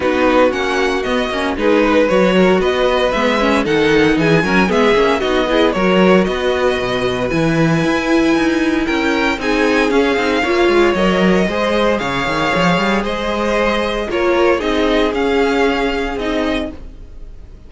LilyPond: <<
  \new Staff \with { instrumentName = "violin" } { \time 4/4 \tempo 4 = 115 b'4 fis''4 dis''4 b'4 | cis''4 dis''4 e''4 fis''4 | gis''4 e''4 dis''4 cis''4 | dis''2 gis''2~ |
gis''4 g''4 gis''4 f''4~ | f''4 dis''2 f''4~ | f''4 dis''2 cis''4 | dis''4 f''2 dis''4 | }
  \new Staff \with { instrumentName = "violin" } { \time 4/4 fis'2. gis'8 b'8~ | b'8 ais'8 b'2 a'4 | gis'8 ais'8 gis'4 fis'8 gis'8 ais'4 | b'1~ |
b'4 ais'4 gis'2 | cis''2 c''4 cis''4~ | cis''4 c''2 ais'4 | gis'1 | }
  \new Staff \with { instrumentName = "viola" } { \time 4/4 dis'4 cis'4 b8 cis'8 dis'4 | fis'2 b8 cis'8 dis'4~ | dis'8 cis'8 b8 cis'8 dis'8 e'8 fis'4~ | fis'2 e'2~ |
e'2 dis'4 cis'8 dis'8 | f'4 ais'4 gis'2~ | gis'2. f'4 | dis'4 cis'2 dis'4 | }
  \new Staff \with { instrumentName = "cello" } { \time 4/4 b4 ais4 b8 ais8 gis4 | fis4 b4 gis4 dis4 | e8 fis8 gis8 ais8 b4 fis4 | b4 b,4 e4 e'4 |
dis'4 cis'4 c'4 cis'8 c'8 | ais8 gis8 fis4 gis4 cis8 dis8 | f8 g8 gis2 ais4 | c'4 cis'2 c'4 | }
>>